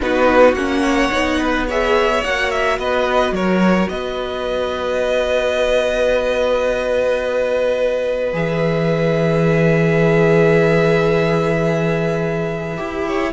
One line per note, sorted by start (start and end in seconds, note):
0.00 0.53 B3
0.00 0.55 D#4
0.00 0.82 F#4
0.00 0.54 B4
0.53 1.08 A#3
0.53 1.11 C#4
0.53 1.65 F#5
0.82 1.38 C#5
1.11 2.23 B3
1.11 1.67 D#4
1.38 1.66 B4
1.66 2.23 G#4
1.66 2.77 C#5
1.66 2.23 E5
2.23 2.78 A#3
2.23 8.32 F#4
2.23 2.51 F#5
2.51 2.78 E5
2.78 3.31 B3
2.78 3.34 B4
2.78 3.34 D#5
3.31 3.87 F#3
3.31 3.90 A#4
3.31 3.89 C#5
3.89 8.33 B3
3.89 13.06 B4
3.89 8.33 D#5
8.32 12.77 E3
8.32 12.77 G#4
8.32 13.32 E5
12.77 13.32 E4
12.77 13.32 G4
13.06 13.32 C#5